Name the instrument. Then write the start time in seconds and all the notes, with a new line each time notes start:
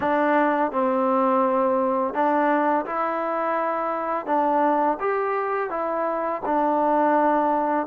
trombone
0.00 D4
0.71 C4
2.14 D4
2.85 E4
4.26 D4
4.99 G4
5.69 E4
6.45 D4